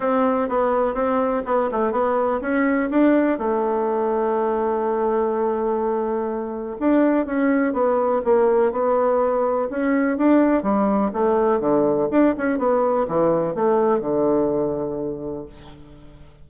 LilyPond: \new Staff \with { instrumentName = "bassoon" } { \time 4/4 \tempo 4 = 124 c'4 b4 c'4 b8 a8 | b4 cis'4 d'4 a4~ | a1~ | a2 d'4 cis'4 |
b4 ais4 b2 | cis'4 d'4 g4 a4 | d4 d'8 cis'8 b4 e4 | a4 d2. | }